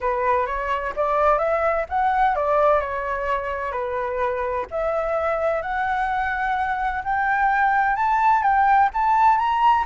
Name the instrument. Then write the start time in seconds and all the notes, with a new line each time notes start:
flute
0.00 B4
0.46 C#5
0.96 D5
1.38 E5
1.89 F#5
2.35 D5
2.80 C#5
3.71 B4
4.70 E5
5.62 F#5
7.04 G5
7.96 A5
8.42 G5
8.93 A5
9.37 A#5